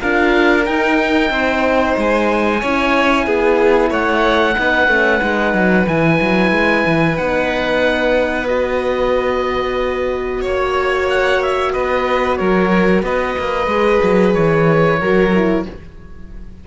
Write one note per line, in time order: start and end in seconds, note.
0.00 0.67 D4
0.00 0.64 F4
0.00 1.30 A#4
0.00 0.65 F5
0.64 2.59 D#4
0.64 1.30 D#4
0.64 1.95 G5
1.30 1.95 C4
1.30 2.60 C5
1.97 2.62 G#3
1.97 3.93 G#5
2.60 3.26 C#4
2.60 4.55 E4
2.60 3.25 C#5
3.26 3.90 B3
3.26 3.90 G#4
3.90 4.56 A3
3.90 4.55 C#5
3.90 5.87 F#5
4.55 4.87 B3
4.55 4.88 D#4
4.55 10.41 B4
4.87 5.20 A3
4.87 5.21 C#4
5.21 5.53 G#3
5.21 5.86 D#4
5.53 5.86 F#3
5.87 6.19 E3
5.87 7.16 E4
5.87 7.17 G#5
6.21 6.51 F#3
6.51 6.84 G#3
6.86 7.19 E3
7.16 10.44 B3
7.16 8.46 D#4
7.16 8.47 F#5
8.46 13.68 F#4
8.46 10.43 D#5
10.41 11.74 A#3
10.41 11.71 C#5
10.41 11.10 C#5
11.10 11.42 F#5
11.42 11.73 E5
11.73 12.40 B3
11.73 12.38 B4
11.73 12.36 D#5
12.36 13.02 F#3
12.36 13.03 A#4
12.36 13.01 C#5
13.02 13.35 B3
13.02 14.99 B4
13.02 14.33 D#5
13.38 13.66 A#3
13.66 13.99 G#3
13.66 14.99 G#4
14.02 14.35 F#3
14.33 15.00 E3
14.33 15.64 C#5
14.99 15.65 F#3
14.99 15.32 F#4
14.99 15.64 A#4
15.34 15.67 E4